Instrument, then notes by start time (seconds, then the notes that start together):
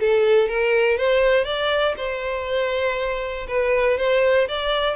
violin
0.00 A4
0.49 A#4
0.97 C5
1.45 D5
1.97 C5
3.48 B4
3.98 C5
4.48 D5